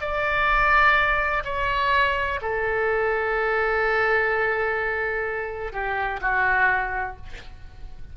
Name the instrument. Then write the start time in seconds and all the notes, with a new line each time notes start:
oboe
0.00 D5
1.44 C#5
2.41 A4
5.72 G4
6.21 F#4